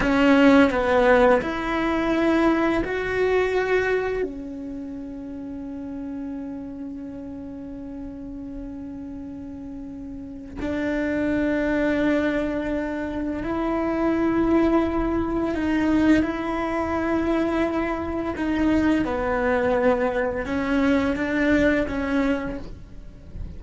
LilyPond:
\new Staff \with { instrumentName = "cello" } { \time 4/4 \tempo 4 = 85 cis'4 b4 e'2 | fis'2 cis'2~ | cis'1~ | cis'2. d'4~ |
d'2. e'4~ | e'2 dis'4 e'4~ | e'2 dis'4 b4~ | b4 cis'4 d'4 cis'4 | }